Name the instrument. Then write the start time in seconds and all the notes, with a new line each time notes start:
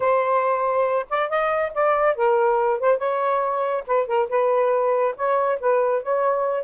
saxophone
0.00 C5
1.09 D5
1.29 D#5
1.74 D5
2.15 A#4
2.80 C5
2.98 C#5
3.86 B4
4.07 A#4
4.29 B4
5.16 C#5
5.59 B4
6.03 C#5